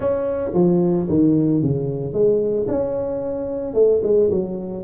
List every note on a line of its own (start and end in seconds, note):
0.00 0.51 C#4
0.54 1.07 F3
1.09 1.62 D#3
1.62 2.13 C#3
2.13 2.66 G#3
2.67 3.74 C#4
3.74 4.01 A3
4.03 4.30 G#3
4.30 4.83 F#3